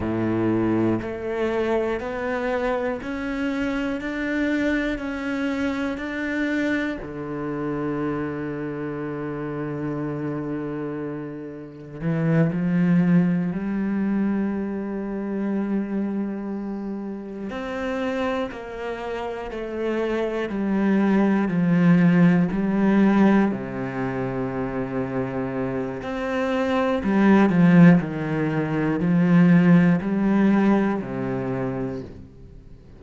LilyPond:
\new Staff \with { instrumentName = "cello" } { \time 4/4 \tempo 4 = 60 a,4 a4 b4 cis'4 | d'4 cis'4 d'4 d4~ | d1 | e8 f4 g2~ g8~ |
g4. c'4 ais4 a8~ | a8 g4 f4 g4 c8~ | c2 c'4 g8 f8 | dis4 f4 g4 c4 | }